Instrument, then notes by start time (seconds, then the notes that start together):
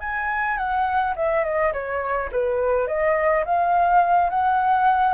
flute
0.00 G#5
0.57 F#5
1.16 E5
1.44 D#5
1.73 C#5
2.31 B4
2.87 D#5
3.45 F5
4.30 F#5